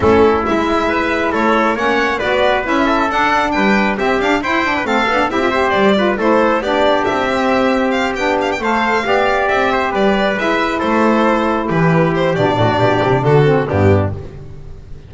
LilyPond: <<
  \new Staff \with { instrumentName = "violin" } { \time 4/4 \tempo 4 = 136 a'4 e''2 cis''4 | fis''4 d''4 e''4 fis''4 | g''4 e''8 f''8 g''4 f''4 | e''4 d''4 c''4 d''4 |
e''2 f''8 g''8 f''16 g''16 f''8~ | f''4. e''4 d''4 e''8~ | e''8 c''2 b'4 c''8 | d''2 a'4 g'4 | }
  \new Staff \with { instrumentName = "trumpet" } { \time 4/4 e'2 b'4 a'4 | cis''4 b'4. a'4. | b'4 g'4 c''8. b'16 a'4 | g'8 c''4 b'8 a'4 g'4~ |
g'2.~ g'8 c''8~ | c''8 d''4. c''8 b'4.~ | b'8 a'2 g'4.~ | g'8 fis'8 g'4 fis'4 d'4 | }
  \new Staff \with { instrumentName = "saxophone" } { \time 4/4 cis'4 e'2. | cis'4 fis'4 e'4 d'4~ | d'4 c'8 d'8 e'8 d'8 c'8 d'8 | e'16 f'16 g'4 f'8 e'4 d'4~ |
d'8 c'2 d'4 a'8~ | a'8 g'2. e'8~ | e'1 | d'2~ d'8 c'8 b4 | }
  \new Staff \with { instrumentName = "double bass" } { \time 4/4 a4 gis2 a4 | ais4 b4 cis'4 d'4 | g4 c'8 d'8 e'4 a8 b8 | c'4 g4 a4 b4 |
c'2~ c'8 b4 a8~ | a8 b4 c'4 g4 gis8~ | gis8 a2 e4. | b,8 a,8 b,8 c8 d4 g,4 | }
>>